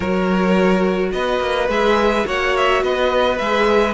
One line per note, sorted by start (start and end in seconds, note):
0.00 1.12 F#3
0.00 1.69 F#4
0.00 1.11 A#4
0.00 1.12 C#5
1.12 1.40 B3
1.12 2.26 B4
1.12 1.68 D#5
1.40 1.68 A#3
1.68 2.25 G#3
1.68 2.24 G#4
1.68 2.27 E5
2.24 2.83 A#3
2.24 3.37 F#4
2.24 2.83 C#5
2.24 2.56 F#5
2.56 2.83 E5
2.83 3.39 B3
2.83 3.94 B4
2.83 3.38 D#5
3.38 3.94 G#3
3.38 3.94 G#4
3.38 3.94 E5